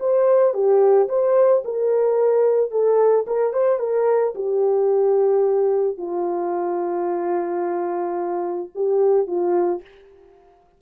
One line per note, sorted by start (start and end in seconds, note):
0.00 0.54 C5
0.54 1.09 G4
1.09 1.63 C5
1.65 2.71 A#4
2.71 3.26 A4
3.27 3.53 A#4
3.53 3.79 C5
3.79 4.34 A#4
4.35 5.98 G4
5.98 8.70 F4
8.75 9.27 G4
9.27 9.82 F4